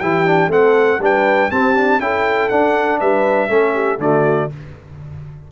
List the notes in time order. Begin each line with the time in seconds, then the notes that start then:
0.00 E3 E4 G4 G5
0.26 D4
0.48 A3 C4 A4 F#5
0.99 G3 D4 B4 G5
1.51 C4 G4 A5
1.75 D4
1.99 C#4 E4 A4 G5
2.49 D4 F#5
3.00 G3 B4 E5
3.49 A3 C#4 A4
3.74 G4
3.99 D3 A3 F#4 D5